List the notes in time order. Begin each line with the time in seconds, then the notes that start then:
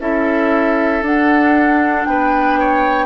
0.00 C#4 E4 A4 E5
1.02 D4 F#5
2.05 B3 B4 G5
2.60 C#5